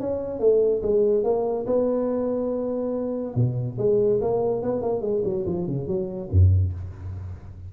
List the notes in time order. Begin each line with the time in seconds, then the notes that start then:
0.00 C#4
0.40 A3
0.83 G#3
1.24 A#3
1.67 B3
3.35 B2
3.78 G#3
4.21 A#3
4.62 B3
4.82 A#3
5.02 G#3
5.24 F#3
5.46 F3
5.68 C#3
5.88 F#3
6.31 F#2